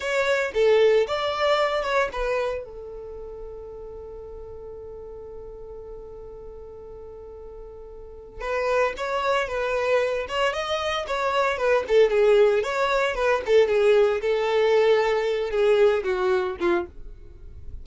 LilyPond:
\new Staff \with { instrumentName = "violin" } { \time 4/4 \tempo 4 = 114 cis''4 a'4 d''4. cis''8 | b'4 a'2.~ | a'1~ | a'1 |
b'4 cis''4 b'4. cis''8 | dis''4 cis''4 b'8 a'8 gis'4 | cis''4 b'8 a'8 gis'4 a'4~ | a'4. gis'4 fis'4 f'8 | }